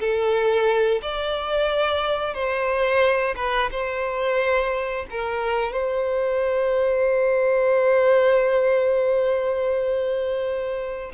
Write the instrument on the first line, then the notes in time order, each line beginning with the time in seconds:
violin
0.00 A4
1.02 D5
2.34 C5
3.36 B4
3.71 C5
5.11 A#4
5.72 C5